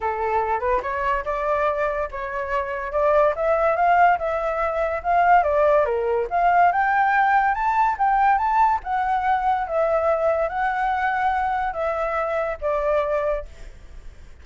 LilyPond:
\new Staff \with { instrumentName = "flute" } { \time 4/4 \tempo 4 = 143 a'4. b'8 cis''4 d''4~ | d''4 cis''2 d''4 | e''4 f''4 e''2 | f''4 d''4 ais'4 f''4 |
g''2 a''4 g''4 | a''4 fis''2 e''4~ | e''4 fis''2. | e''2 d''2 | }